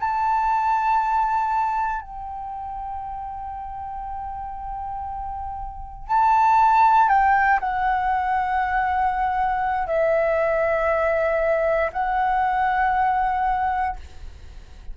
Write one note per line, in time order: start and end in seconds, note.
0.00 2.02 A5
2.02 6.08 G5
6.08 7.09 A5
7.09 7.60 G5
7.60 9.87 F#5
9.87 11.91 E5
11.93 13.96 F#5